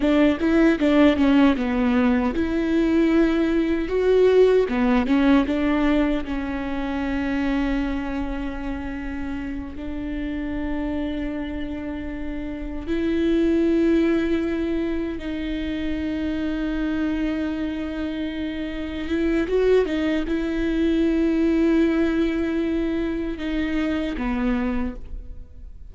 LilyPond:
\new Staff \with { instrumentName = "viola" } { \time 4/4 \tempo 4 = 77 d'8 e'8 d'8 cis'8 b4 e'4~ | e'4 fis'4 b8 cis'8 d'4 | cis'1~ | cis'8 d'2.~ d'8~ |
d'8 e'2. dis'8~ | dis'1~ | dis'8 e'8 fis'8 dis'8 e'2~ | e'2 dis'4 b4 | }